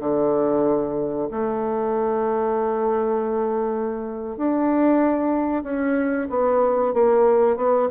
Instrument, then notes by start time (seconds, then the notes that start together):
bassoon
0.00 D3
1.31 A3
4.37 D4
5.64 C#4
6.30 B3
6.94 A#3
7.57 B3